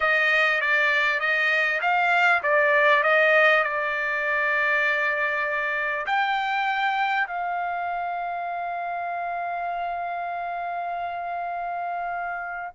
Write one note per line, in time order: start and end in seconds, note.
0.00 0.60 D#5
0.60 1.20 D5
1.20 1.80 D#5
1.81 2.42 F5
2.42 3.03 D5
3.03 3.63 D#5
3.63 6.06 D5
6.06 7.27 G5
7.27 12.72 F5